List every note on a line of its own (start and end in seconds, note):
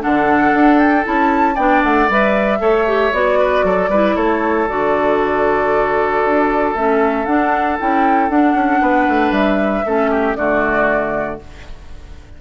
0.00 0.54 D3
0.00 1.03 D4
0.00 1.55 A4
0.00 0.79 F#5
0.54 1.05 D4
0.79 1.05 G5
1.04 1.58 C#4
1.04 1.56 E4
1.04 1.57 A5
1.55 1.83 B3
1.55 2.10 D4
1.55 2.58 D5
1.55 1.83 G5
1.84 2.09 A3
1.84 2.10 F#5
2.09 2.60 G3
2.09 2.60 B4
2.09 3.14 E5
2.60 3.12 A3
2.60 2.86 A4
2.60 3.39 C#5
2.87 3.13 G4
3.13 3.64 B3
3.13 3.91 F#4
3.13 4.16 D5
3.39 3.65 B4
3.64 3.89 F#3
3.64 3.90 A4
3.89 4.15 G3
3.89 4.69 E4
3.89 4.16 B4
4.16 4.69 A3
4.16 8.81 A4
4.16 4.68 C#5
4.69 6.26 D3
4.69 6.76 F#4
4.69 6.75 D5
6.26 6.75 D4
6.75 7.27 A3
6.75 7.27 C#4
6.75 7.26 E5
7.26 7.79 D4
7.26 7.77 F#5
7.79 8.30 C#4
7.79 8.31 E4
7.79 8.30 G5
8.30 8.54 D4
8.30 9.86 D4
8.30 9.33 F#5
8.54 8.80 C#4
8.82 9.08 B3
8.82 9.85 B4
9.09 9.31 A3
9.31 9.83 G3
9.31 10.36 E5
9.86 10.36 A3
9.86 10.38 C#4
9.86 10.11 A4
10.11 10.37 G4
10.36 11.40 D3
10.36 11.41 A3
10.36 11.42 F#4
10.36 11.39 D5